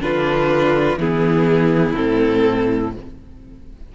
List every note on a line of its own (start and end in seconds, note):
0.00 0.96 D3
0.00 0.97 D4
0.00 0.99 F4
0.00 0.99 B4
0.96 1.93 E3
0.96 1.95 B3
0.96 2.94 E4
0.96 1.95 G#4
1.95 2.95 A2
1.95 2.92 C4
1.95 2.92 A4